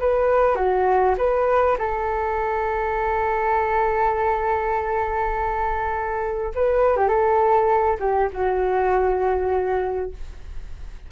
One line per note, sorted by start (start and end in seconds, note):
0.00 0.55 B4
0.55 1.15 F#4
1.18 1.77 B4
1.78 6.53 A4
6.55 6.96 B4
6.96 7.08 G4
7.08 7.97 A4
8.00 8.30 G4
8.33 10.11 F#4